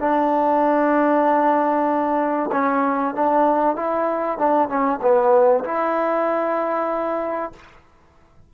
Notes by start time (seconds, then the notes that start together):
0.00 D4
2.52 C#4
3.14 D4
3.75 E4
4.38 D4
4.68 C#4
5.01 B3
5.64 E4